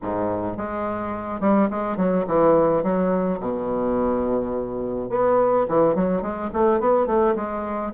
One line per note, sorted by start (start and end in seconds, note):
0.02 0.57 G#2
0.57 1.40 G#3
1.40 1.68 G3
1.70 1.97 G#3
1.97 2.25 F#3
2.27 2.83 E3
2.83 3.39 F#3
3.40 5.09 B2
5.09 5.66 B3
5.68 5.95 E3
5.95 6.21 F#3
6.21 6.50 G#3
6.53 6.80 A3
6.80 7.06 B3
7.06 7.34 A3
7.35 7.92 G#3